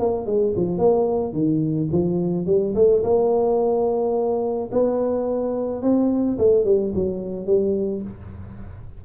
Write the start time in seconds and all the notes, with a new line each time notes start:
0.00 A#3
0.27 G#3
0.57 F3
0.79 A#3
1.33 D#3
1.92 F3
2.46 G3
2.76 A3
3.04 A#3
4.72 B3
5.83 C4
6.38 A3
6.65 G3
6.95 F#3
7.46 G3